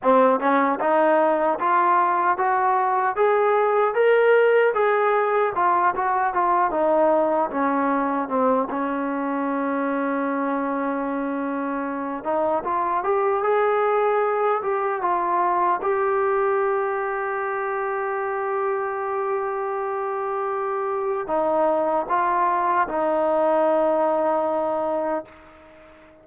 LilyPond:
\new Staff \with { instrumentName = "trombone" } { \time 4/4 \tempo 4 = 76 c'8 cis'8 dis'4 f'4 fis'4 | gis'4 ais'4 gis'4 f'8 fis'8 | f'8 dis'4 cis'4 c'8 cis'4~ | cis'2.~ cis'8 dis'8 |
f'8 g'8 gis'4. g'8 f'4 | g'1~ | g'2. dis'4 | f'4 dis'2. | }